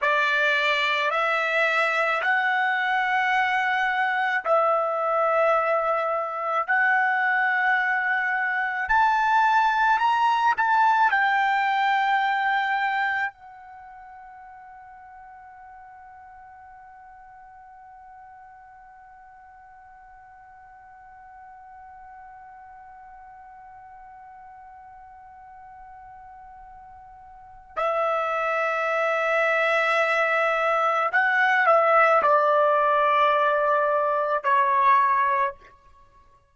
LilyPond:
\new Staff \with { instrumentName = "trumpet" } { \time 4/4 \tempo 4 = 54 d''4 e''4 fis''2 | e''2 fis''2 | a''4 ais''8 a''8 g''2 | fis''1~ |
fis''1~ | fis''1~ | fis''4 e''2. | fis''8 e''8 d''2 cis''4 | }